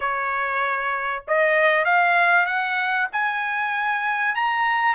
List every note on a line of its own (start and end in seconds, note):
0.00 1.23 C#5
1.27 1.84 D#5
1.84 2.46 F5
2.46 3.08 F#5
3.12 4.35 G#5
4.35 4.95 A#5